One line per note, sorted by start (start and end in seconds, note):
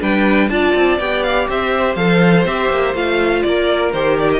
0.00 0.49 G3
0.00 0.49 D4
0.00 0.49 B4
0.00 0.49 G5
0.49 0.74 D4
0.49 0.99 F4
0.49 1.48 D5
0.49 0.98 A5
0.75 0.99 C4
0.99 1.48 B3
0.99 1.97 G4
0.99 1.23 G5
1.23 1.47 F5
1.48 1.96 C4
1.48 3.45 C5
1.48 1.95 E5
1.95 2.45 F3
1.95 2.46 A4
1.95 2.44 F5
2.45 2.69 C4
2.45 2.94 G4
2.45 2.95 E5
2.69 2.93 A#3
2.93 3.43 A3
2.93 3.93 F4
2.93 3.42 F5
3.42 3.93 A#3
3.42 4.39 A#4
3.42 3.92 D5
3.92 4.39 D#3
3.92 4.39 G4
3.92 4.17 C5
4.19 4.31 D5
4.32 4.39 D#5